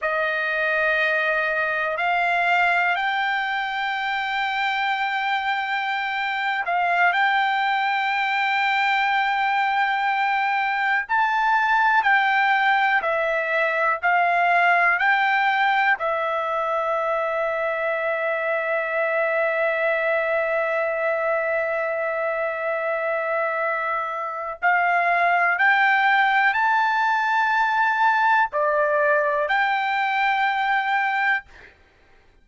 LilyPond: \new Staff \with { instrumentName = "trumpet" } { \time 4/4 \tempo 4 = 61 dis''2 f''4 g''4~ | g''2~ g''8. f''8 g''8.~ | g''2.~ g''16 a''8.~ | a''16 g''4 e''4 f''4 g''8.~ |
g''16 e''2.~ e''8.~ | e''1~ | e''4 f''4 g''4 a''4~ | a''4 d''4 g''2 | }